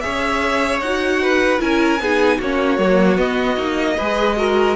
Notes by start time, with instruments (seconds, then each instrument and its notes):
0.00 cello C#4, viola G#4, violin C#5 E5
0.80 cello D#4, viola F#4, violin F#5
1.22 violin B4
1.58 cello C#4, viola E4, violin A#4 G#5
1.99 cello B3, viola D#4, violin G#4
2.37 cello A#3, viola C#4, violin F#4 C#5
2.78 cello F#3, viola A#3
3.15 viola B3, cello B3, violin D#5
3.56 cello A#3, viola D#4
3.96 cello G#3, viola G#4, violin B4
4.36 viola F#4, violin A#4